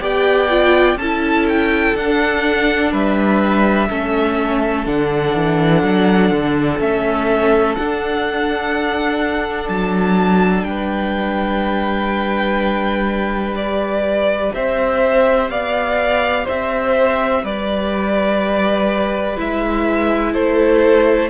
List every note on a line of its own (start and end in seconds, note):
0.00 0.95 B3
0.00 0.48 G4
0.00 0.98 D5
0.00 0.98 G5
0.49 0.98 F4
0.95 1.92 C#4
0.95 2.92 A4
0.95 1.46 A5
1.02 1.97 E4
1.48 1.96 G5
1.95 2.92 D4
1.95 3.90 D4
1.95 2.93 F#5
2.92 3.89 G3
2.92 3.89 B4
2.92 4.87 E5
3.89 4.86 A3
3.89 4.86 C#4
3.89 10.67 A4
4.86 5.34 D3
4.86 6.79 D4
4.86 6.81 F#5
5.34 5.83 E3
5.83 6.31 F#3
6.31 6.79 D3
6.79 7.76 A3
6.79 7.76 C#4
6.79 7.75 E5
7.75 9.69 D4
7.75 13.58 D4
7.75 9.69 F#5
9.69 10.63 F#3
9.69 10.64 A5
10.63 14.50 G3
10.63 14.54 B4
10.63 13.54 G5
13.55 19.37 G4
13.55 14.52 D5
14.54 15.49 C4
14.54 15.51 C5
14.54 15.50 E5
15.49 16.46 B3
15.49 16.45 D5
15.49 16.47 F5
16.45 17.44 C4
16.45 17.42 C5
16.45 17.45 E5
17.44 19.37 G3
17.44 20.33 B4
17.44 19.39 D5
19.37 20.35 G#3
19.37 21.30 E4
19.37 20.34 E5
20.33 21.30 A3
20.33 21.29 A4
20.33 21.30 C5